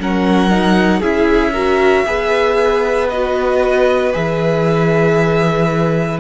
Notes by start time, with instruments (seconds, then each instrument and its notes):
0.00 cello F#3, viola C#4, violin A#4 F#5
0.50 viola D#4
1.00 cello C#4, viola E4, violin G#4 E5
1.52 viola F#4, violin A#4
2.06 cello B3, viola G#4, violin B4
3.09 viola F#4, violin D#5
4.13 cello E3, viola G#4, violin E5